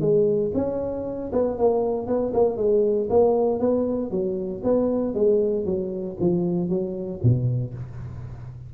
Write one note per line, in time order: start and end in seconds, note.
0.00 0.51 G#3
0.54 1.31 C#4
1.32 1.58 B3
1.58 2.06 A#3
2.06 2.32 B3
2.33 2.57 A#3
2.57 3.08 G#3
3.09 3.59 A#3
3.59 4.10 B3
4.10 4.62 F#3
4.63 5.14 B3
5.14 5.65 G#3
5.65 6.16 F#3
6.20 6.69 F3
6.69 7.20 F#3
7.22 7.74 B2